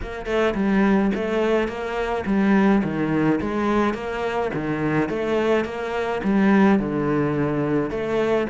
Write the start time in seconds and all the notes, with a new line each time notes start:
0.02 A#3
0.25 A3
0.54 G3
1.14 A3
1.67 A#3
2.26 G3
2.83 D#3
3.40 G#3
3.94 A#3
4.54 D#3
5.09 A3
5.64 A#3
6.23 G3
6.79 D3
7.90 A3